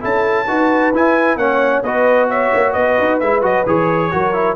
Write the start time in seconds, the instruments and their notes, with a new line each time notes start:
0.00 tuba C#4, trombone E4, horn A4, trumpet A5
0.47 tuba D#4, trombone F#4, horn B4
0.93 tuba E4, trombone E4, trumpet G#5
1.36 tuba A#3, trombone C#4, horn C#5, trumpet F#5
1.83 tuba B3, trombone F#4, horn B4, trumpet D#5
2.29 horn C#5, trumpet E5
2.54 tuba A#3
2.73 tuba B3, horn B4, trumpet D#5
2.99 tuba D#4
3.20 tuba G#3, trombone E4, trumpet E5
3.42 tuba F#3, trombone F#4, trumpet D#5
3.66 tuba E3, trombone G#4, trumpet C#5
4.11 tuba F#3, trombone F#4, horn A#4
4.33 trombone E4